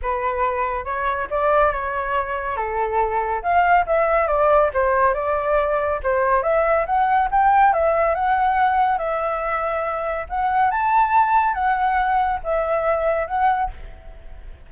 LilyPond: \new Staff \with { instrumentName = "flute" } { \time 4/4 \tempo 4 = 140 b'2 cis''4 d''4 | cis''2 a'2 | f''4 e''4 d''4 c''4 | d''2 c''4 e''4 |
fis''4 g''4 e''4 fis''4~ | fis''4 e''2. | fis''4 a''2 fis''4~ | fis''4 e''2 fis''4 | }